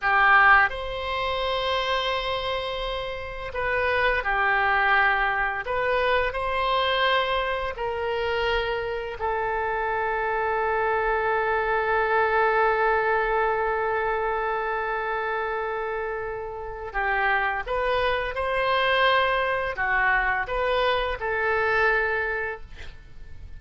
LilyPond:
\new Staff \with { instrumentName = "oboe" } { \time 4/4 \tempo 4 = 85 g'4 c''2.~ | c''4 b'4 g'2 | b'4 c''2 ais'4~ | ais'4 a'2.~ |
a'1~ | a'1 | g'4 b'4 c''2 | fis'4 b'4 a'2 | }